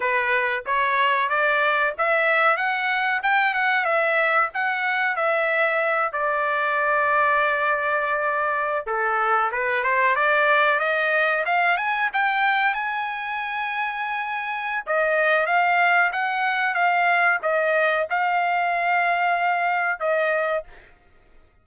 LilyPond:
\new Staff \with { instrumentName = "trumpet" } { \time 4/4 \tempo 4 = 93 b'4 cis''4 d''4 e''4 | fis''4 g''8 fis''8 e''4 fis''4 | e''4. d''2~ d''8~ | d''4.~ d''16 a'4 b'8 c''8 d''16~ |
d''8. dis''4 f''8 gis''8 g''4 gis''16~ | gis''2. dis''4 | f''4 fis''4 f''4 dis''4 | f''2. dis''4 | }